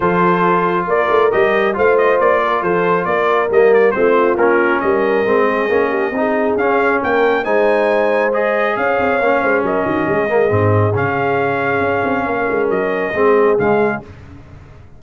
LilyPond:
<<
  \new Staff \with { instrumentName = "trumpet" } { \time 4/4 \tempo 4 = 137 c''2 d''4 dis''4 | f''8 dis''8 d''4 c''4 d''4 | dis''8 d''8 c''4 ais'4 dis''4~ | dis''2. f''4 |
g''4 gis''2 dis''4 | f''2 dis''2~ | dis''4 f''2.~ | f''4 dis''2 f''4 | }
  \new Staff \with { instrumentName = "horn" } { \time 4/4 a'2 ais'2 | c''4. ais'8 a'4 ais'4~ | ais'4 f'2 ais'4~ | ais'8 gis'4 g'8 gis'2 |
ais'4 c''2. | cis''4. c''8 ais'8 fis'8 gis'4~ | gis'1 | ais'2 gis'2 | }
  \new Staff \with { instrumentName = "trombone" } { \time 4/4 f'2. g'4 | f'1 | ais4 c'4 cis'2 | c'4 cis'4 dis'4 cis'4~ |
cis'4 dis'2 gis'4~ | gis'4 cis'2~ cis'8 ais8 | c'4 cis'2.~ | cis'2 c'4 gis4 | }
  \new Staff \with { instrumentName = "tuba" } { \time 4/4 f2 ais8 a8 g4 | a4 ais4 f4 ais4 | g4 a4 ais4 g4 | gis4 ais4 c'4 cis'4 |
ais4 gis2. | cis'8 c'8 ais8 gis8 fis8 dis8 gis4 | gis,4 cis2 cis'8 c'8 | ais8 gis8 fis4 gis4 cis4 | }
>>